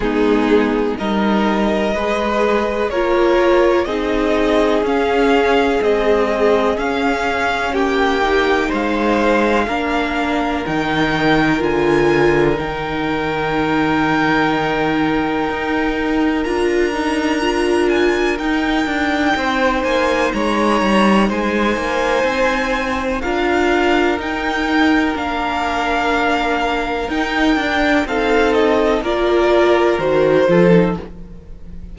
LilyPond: <<
  \new Staff \with { instrumentName = "violin" } { \time 4/4 \tempo 4 = 62 gis'4 dis''2 cis''4 | dis''4 f''4 dis''4 f''4 | g''4 f''2 g''4 | gis''4 g''2.~ |
g''4 ais''4. gis''8 g''4~ | g''8 gis''8 ais''4 gis''2 | f''4 g''4 f''2 | g''4 f''8 dis''8 d''4 c''4 | }
  \new Staff \with { instrumentName = "violin" } { \time 4/4 dis'4 ais'4 b'4 ais'4 | gis'1 | g'4 c''4 ais'2~ | ais'1~ |
ais'1 | c''4 cis''4 c''2 | ais'1~ | ais'4 a'4 ais'4. a'8 | }
  \new Staff \with { instrumentName = "viola" } { \time 4/4 b4 dis'4 gis'4 f'4 | dis'4 cis'4 gis4 cis'4~ | cis'8 dis'4. d'4 dis'4 | f'4 dis'2.~ |
dis'4 f'8 dis'8 f'4 dis'4~ | dis'1 | f'4 dis'4 d'2 | dis'8 d'8 dis'4 f'4 fis'8 f'16 dis'16 | }
  \new Staff \with { instrumentName = "cello" } { \time 4/4 gis4 g4 gis4 ais4 | c'4 cis'4 c'4 cis'4 | ais4 gis4 ais4 dis4 | d4 dis2. |
dis'4 d'2 dis'8 d'8 | c'8 ais8 gis8 g8 gis8 ais8 c'4 | d'4 dis'4 ais2 | dis'8 d'8 c'4 ais4 dis8 f8 | }
>>